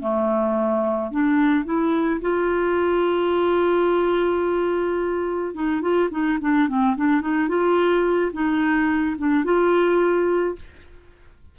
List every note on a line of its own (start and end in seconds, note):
0.00 1.11 A3
1.11 1.65 D4
1.65 2.21 E4
2.21 5.54 F4
5.54 5.82 D#4
5.82 6.09 F4
6.11 6.39 D#4
6.41 6.68 D4
6.68 6.96 C4
6.96 7.21 D4
7.21 7.48 D#4
7.48 8.32 F4
8.33 9.16 D#4
9.18 9.44 D4
9.44 10.56 F4